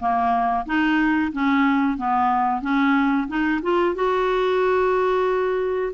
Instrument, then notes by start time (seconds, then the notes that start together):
clarinet
0.00 A#3
0.66 D#4
1.33 C#4
1.98 B3
2.62 C#4
3.28 D#4
3.63 F4
3.96 F#4